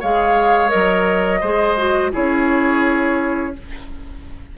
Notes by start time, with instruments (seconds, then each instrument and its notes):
0.00 bassoon G#3, clarinet G#4, oboe C#5, flute F5
0.68 bassoon F#3, clarinet A#4, flute D#5
1.41 bassoon G#3, clarinet G#4, oboe C5
1.78 clarinet F#4
2.12 bassoon C#4, clarinet E4, oboe G#4, flute C#5